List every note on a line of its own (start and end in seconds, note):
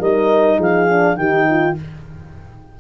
0.00 0.59 G3
0.00 0.89 D#4
0.00 0.58 A#4
0.00 0.60 D#5
0.58 1.17 F3
0.58 1.17 G#4
0.58 1.17 F5
0.89 1.18 D4
1.17 1.76 D#3
1.17 1.76 D#4
1.17 1.49 G4
1.17 1.75 G5
1.51 1.80 F4